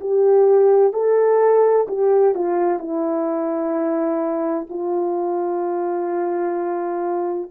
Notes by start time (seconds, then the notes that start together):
0.00 G4
0.93 A4
1.87 G4
2.34 F4
2.79 E4
4.69 F4